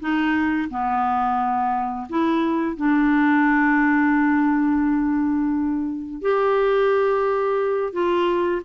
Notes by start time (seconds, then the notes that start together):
0.00 D#4
0.70 B3
2.09 E4
2.77 D4
6.22 G4
7.93 F4